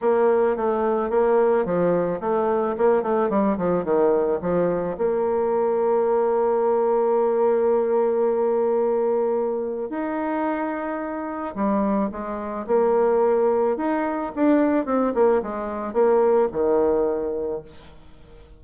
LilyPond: \new Staff \with { instrumentName = "bassoon" } { \time 4/4 \tempo 4 = 109 ais4 a4 ais4 f4 | a4 ais8 a8 g8 f8 dis4 | f4 ais2.~ | ais1~ |
ais2 dis'2~ | dis'4 g4 gis4 ais4~ | ais4 dis'4 d'4 c'8 ais8 | gis4 ais4 dis2 | }